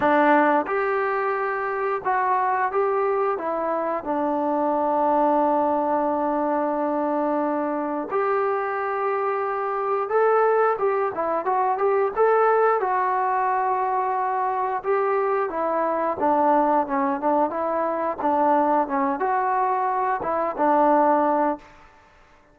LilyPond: \new Staff \with { instrumentName = "trombone" } { \time 4/4 \tempo 4 = 89 d'4 g'2 fis'4 | g'4 e'4 d'2~ | d'1 | g'2. a'4 |
g'8 e'8 fis'8 g'8 a'4 fis'4~ | fis'2 g'4 e'4 | d'4 cis'8 d'8 e'4 d'4 | cis'8 fis'4. e'8 d'4. | }